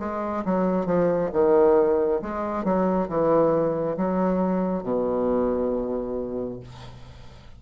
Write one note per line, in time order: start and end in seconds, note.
0.00 0.44 G#3
0.45 0.86 F#3
0.86 1.30 F3
1.33 2.21 D#3
2.22 2.65 G#3
2.65 3.09 F#3
3.09 3.97 E3
3.97 4.84 F#3
4.84 6.60 B2